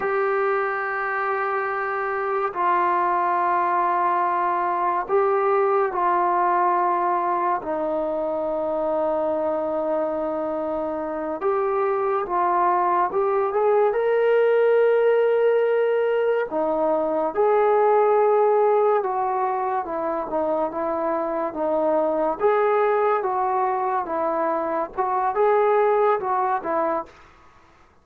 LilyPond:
\new Staff \with { instrumentName = "trombone" } { \time 4/4 \tempo 4 = 71 g'2. f'4~ | f'2 g'4 f'4~ | f'4 dis'2.~ | dis'4. g'4 f'4 g'8 |
gis'8 ais'2. dis'8~ | dis'8 gis'2 fis'4 e'8 | dis'8 e'4 dis'4 gis'4 fis'8~ | fis'8 e'4 fis'8 gis'4 fis'8 e'8 | }